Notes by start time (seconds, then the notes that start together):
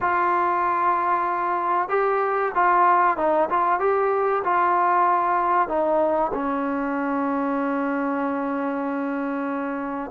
0.01 F4
1.88 G4
2.54 F4
3.17 D#4
3.49 F4
3.79 G4
4.44 F4
5.68 D#4
6.33 C#4